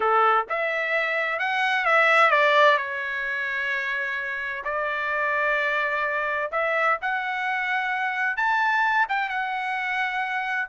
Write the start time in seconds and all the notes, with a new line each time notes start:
0.00 A4
0.49 E5
1.39 F#5
1.85 E5
2.30 D5
2.77 C#5
4.64 D5
6.51 E5
7.01 F#5
8.36 A5
9.08 G5
9.29 F#5